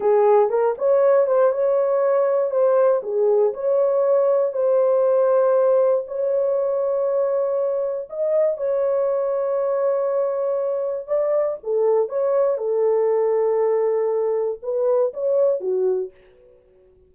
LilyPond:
\new Staff \with { instrumentName = "horn" } { \time 4/4 \tempo 4 = 119 gis'4 ais'8 cis''4 c''8 cis''4~ | cis''4 c''4 gis'4 cis''4~ | cis''4 c''2. | cis''1 |
dis''4 cis''2.~ | cis''2 d''4 a'4 | cis''4 a'2.~ | a'4 b'4 cis''4 fis'4 | }